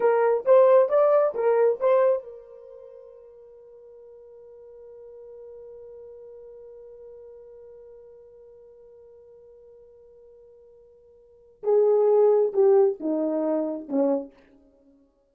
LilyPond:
\new Staff \with { instrumentName = "horn" } { \time 4/4 \tempo 4 = 134 ais'4 c''4 d''4 ais'4 | c''4 ais'2.~ | ais'1~ | ais'1~ |
ais'1~ | ais'1~ | ais'2 gis'2 | g'4 dis'2 cis'4 | }